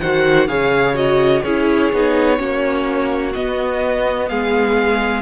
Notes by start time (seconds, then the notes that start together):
0.00 D#3 F#4 C5 F#5
0.48 C#3 G#4 C#5 F5
0.95 F#4 D#5
1.42 C#4 E4 G#4 C#5
1.92 B3 D#4
2.37 A#3 C#4 F#4
3.34 B3 D#5
4.29 G#3 G#4 F5